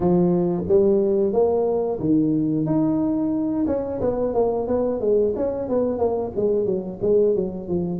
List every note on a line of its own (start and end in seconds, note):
0.00 0.63 F3
0.68 1.32 G3
1.32 1.99 A#3
1.99 2.65 D#3
2.65 3.65 D#4
3.67 4.00 C#4
4.01 4.34 B3
4.34 4.67 A#3
4.67 5.00 B3
5.00 5.33 G#3
5.36 5.68 C#4
5.68 5.98 B3
5.98 6.32 A#3
6.35 6.65 G#3
6.65 6.98 F#3
7.02 7.35 G#3
7.35 7.68 F#3
7.68 8.00 F3